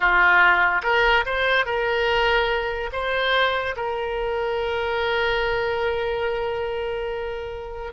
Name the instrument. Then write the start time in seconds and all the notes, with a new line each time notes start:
oboe
0.00 F4
0.83 A#4
1.25 C5
1.65 A#4
2.92 C5
3.76 A#4